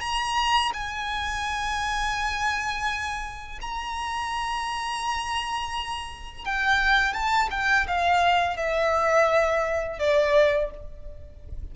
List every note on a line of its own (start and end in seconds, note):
0.00 0.71 A#5
0.73 3.59 G#5
3.61 6.45 A#5
6.45 7.13 G5
7.13 7.49 A5
7.51 7.86 G5
7.87 8.57 F5
8.57 9.99 E5
9.99 10.70 D5